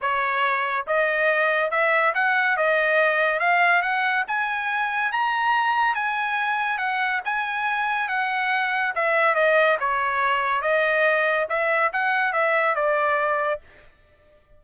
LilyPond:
\new Staff \with { instrumentName = "trumpet" } { \time 4/4 \tempo 4 = 141 cis''2 dis''2 | e''4 fis''4 dis''2 | f''4 fis''4 gis''2 | ais''2 gis''2 |
fis''4 gis''2 fis''4~ | fis''4 e''4 dis''4 cis''4~ | cis''4 dis''2 e''4 | fis''4 e''4 d''2 | }